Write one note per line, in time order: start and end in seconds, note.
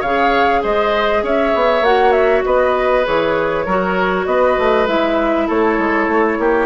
0.00 0.63 C#3
0.00 1.85 G#4
0.00 0.61 C#5
0.00 0.63 F5
0.62 1.23 G#3
0.62 1.23 C5
0.62 1.25 D#5
1.23 1.53 C#4
1.23 2.44 C#5
1.23 1.84 E5
1.55 1.81 B3
1.81 2.42 A#3
1.81 3.04 F#4
1.81 2.12 F#5
2.12 2.42 E5
2.45 3.07 B3
2.45 3.65 B4
2.45 3.05 D#5
3.04 3.66 E3
3.04 3.65 G#4
3.04 4.26 C#5
3.65 4.26 F#3
3.65 4.86 F#4
3.65 4.26 A#4
4.26 4.56 B3
4.26 5.47 B4
4.26 4.87 D#5
4.58 4.87 A3
4.86 5.48 G#3
4.86 6.66 E4
4.86 5.48 E5
5.47 5.78 A3
5.47 6.38 A4
5.47 6.66 C#5
5.78 6.07 G#3
6.07 6.38 A3
6.39 6.66 A#3
6.39 6.66 G4